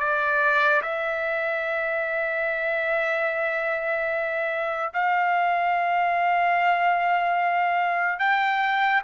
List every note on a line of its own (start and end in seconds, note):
0.00 0.82 D5
0.82 4.93 E5
4.94 8.20 F5
8.20 9.02 G5